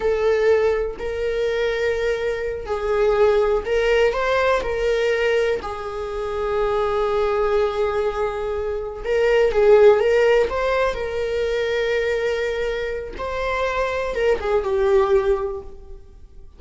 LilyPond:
\new Staff \with { instrumentName = "viola" } { \time 4/4 \tempo 4 = 123 a'2 ais'2~ | ais'4. gis'2 ais'8~ | ais'8 c''4 ais'2 gis'8~ | gis'1~ |
gis'2~ gis'8 ais'4 gis'8~ | gis'8 ais'4 c''4 ais'4.~ | ais'2. c''4~ | c''4 ais'8 gis'8 g'2 | }